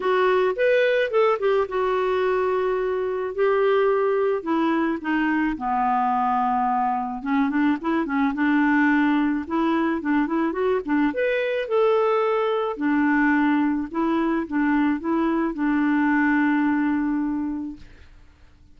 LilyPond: \new Staff \with { instrumentName = "clarinet" } { \time 4/4 \tempo 4 = 108 fis'4 b'4 a'8 g'8 fis'4~ | fis'2 g'2 | e'4 dis'4 b2~ | b4 cis'8 d'8 e'8 cis'8 d'4~ |
d'4 e'4 d'8 e'8 fis'8 d'8 | b'4 a'2 d'4~ | d'4 e'4 d'4 e'4 | d'1 | }